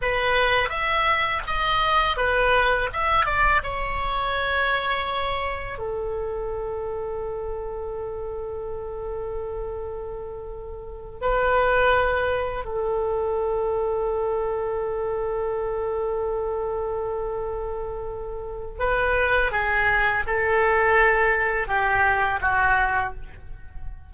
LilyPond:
\new Staff \with { instrumentName = "oboe" } { \time 4/4 \tempo 4 = 83 b'4 e''4 dis''4 b'4 | e''8 d''8 cis''2. | a'1~ | a'2.~ a'8 b'8~ |
b'4. a'2~ a'8~ | a'1~ | a'2 b'4 gis'4 | a'2 g'4 fis'4 | }